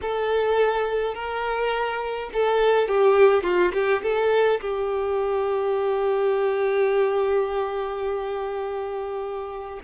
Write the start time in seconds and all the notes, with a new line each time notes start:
0.01 A4
1.14 A#4
2.33 A4
2.88 G4
3.43 F4
3.73 G4
4.02 A4
4.60 G4